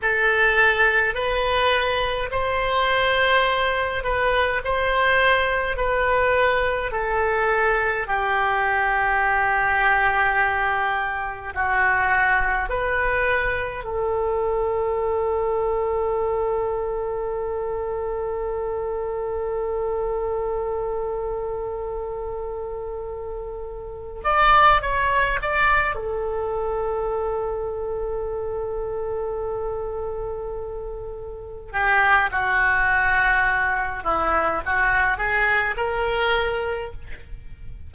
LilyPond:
\new Staff \with { instrumentName = "oboe" } { \time 4/4 \tempo 4 = 52 a'4 b'4 c''4. b'8 | c''4 b'4 a'4 g'4~ | g'2 fis'4 b'4 | a'1~ |
a'1~ | a'4 d''8 cis''8 d''8 a'4.~ | a'2.~ a'8 g'8 | fis'4. e'8 fis'8 gis'8 ais'4 | }